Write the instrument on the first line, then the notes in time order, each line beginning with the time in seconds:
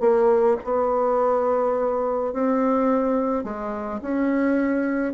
bassoon
0.00 A#3
0.64 B3
2.33 C4
3.43 G#3
4.01 C#4